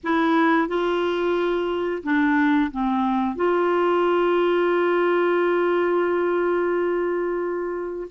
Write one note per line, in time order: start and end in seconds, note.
0.03 0.67 E4
0.67 2.02 F4
2.03 2.70 D4
2.71 3.35 C4
3.35 8.07 F4